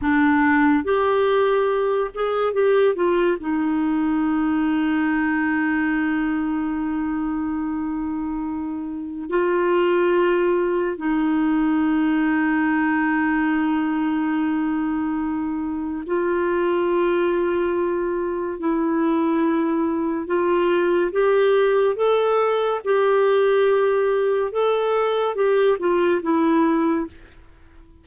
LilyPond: \new Staff \with { instrumentName = "clarinet" } { \time 4/4 \tempo 4 = 71 d'4 g'4. gis'8 g'8 f'8 | dis'1~ | dis'2. f'4~ | f'4 dis'2.~ |
dis'2. f'4~ | f'2 e'2 | f'4 g'4 a'4 g'4~ | g'4 a'4 g'8 f'8 e'4 | }